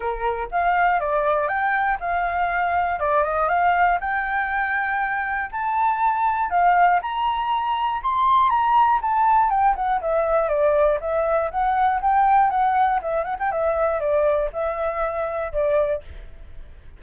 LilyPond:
\new Staff \with { instrumentName = "flute" } { \time 4/4 \tempo 4 = 120 ais'4 f''4 d''4 g''4 | f''2 d''8 dis''8 f''4 | g''2. a''4~ | a''4 f''4 ais''2 |
c'''4 ais''4 a''4 g''8 fis''8 | e''4 d''4 e''4 fis''4 | g''4 fis''4 e''8 fis''16 g''16 e''4 | d''4 e''2 d''4 | }